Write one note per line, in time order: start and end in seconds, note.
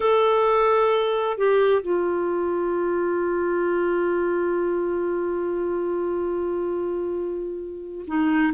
0.00 1.37 A4
1.37 1.82 G4
1.82 8.05 F4
8.07 8.53 D#4